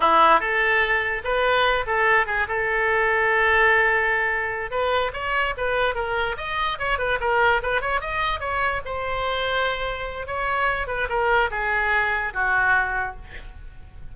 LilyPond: \new Staff \with { instrumentName = "oboe" } { \time 4/4 \tempo 4 = 146 e'4 a'2 b'4~ | b'8 a'4 gis'8 a'2~ | a'2.~ a'8 b'8~ | b'8 cis''4 b'4 ais'4 dis''8~ |
dis''8 cis''8 b'8 ais'4 b'8 cis''8 dis''8~ | dis''8 cis''4 c''2~ c''8~ | c''4 cis''4. b'8 ais'4 | gis'2 fis'2 | }